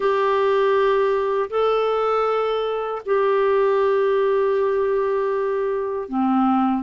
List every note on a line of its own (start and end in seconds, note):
0.00 1.49 G4
1.49 3.01 A4
3.05 6.08 G4
6.08 6.83 C4